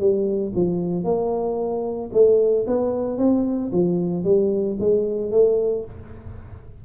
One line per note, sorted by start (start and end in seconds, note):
0.00 0.53 G3
0.55 1.04 F3
1.04 2.10 A#3
2.13 2.66 A3
2.67 3.18 B3
3.18 3.71 C4
3.73 4.25 F3
4.25 4.78 G3
4.80 5.32 G#3
5.32 5.85 A3